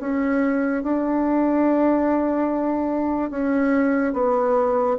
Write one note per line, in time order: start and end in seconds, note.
0.00 0.83 C#4
0.83 3.31 D4
3.31 4.14 C#4
4.14 4.97 B3